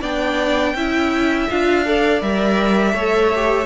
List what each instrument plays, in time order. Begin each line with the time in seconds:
0.00 cello B3, viola D4, violin D5 G5
0.74 cello C#4, viola E4, violin E5
1.50 cello D4, viola F4, violin F5
1.85 viola A4, violin D5
2.21 cello G3, viola A#4, violin E5
2.93 cello A3, viola A4, violin C#5
3.35 viola G4